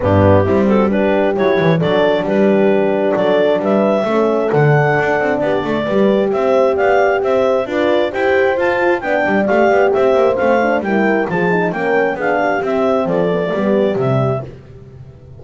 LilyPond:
<<
  \new Staff \with { instrumentName = "clarinet" } { \time 4/4 \tempo 4 = 133 g'4. a'8 b'4 cis''4 | d''4 b'2 d''4 | e''2 fis''2 | d''2 e''4 f''4 |
e''4 d''4 g''4 a''4 | g''4 f''4 e''4 f''4 | g''4 a''4 g''4 f''4 | e''4 d''2 e''4 | }
  \new Staff \with { instrumentName = "horn" } { \time 4/4 d'4 e'8 fis'8 g'2 | a'4 g'2 a'4 | b'4 a'2. | g'8 a'8 b'4 c''4 d''4 |
c''4 b'4 c''2 | d''2 c''2 | ais'4 gis'4 ais'4 gis'8 g'8~ | g'4 a'4 g'2 | }
  \new Staff \with { instrumentName = "horn" } { \time 4/4 b4 c'4 d'4 e'4 | d'1~ | d'4 cis'4 d'2~ | d'4 g'2.~ |
g'4 f'4 g'4 f'4 | d'4 g'2 c'8 d'8 | e'4 f'8 dis'8 cis'4 d'4 | c'4. b16 a16 b4 g4 | }
  \new Staff \with { instrumentName = "double bass" } { \time 4/4 g,4 g2 fis8 e8 | fis4 g2 fis4 | g4 a4 d4 d'8 c'8 | b8 a8 g4 c'4 b4 |
c'4 d'4 e'4 f'4 | b8 g8 a8 b8 c'8 ais8 a4 | g4 f4 ais4 b4 | c'4 f4 g4 c4 | }
>>